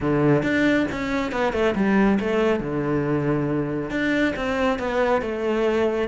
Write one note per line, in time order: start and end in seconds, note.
0.00 0.42 D3
0.42 0.86 D4
0.91 1.32 C#4
1.32 1.52 B3
1.52 1.74 A3
1.75 2.18 G3
2.20 2.59 A3
2.59 3.90 D3
3.90 4.34 D4
4.36 4.78 C4
4.78 5.21 B3
5.21 6.08 A3